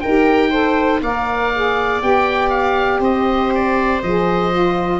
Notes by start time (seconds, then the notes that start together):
0.00 D#4 G4 A#4 G5
0.50 A4 C5
1.01 A#3 A#4 D5 F5
1.54 G#4
2.01 B3 G4 G5
2.49 F5
2.99 C4 C5 D#5
3.54 D5
4.02 F3 G#4 D#5
4.51 F4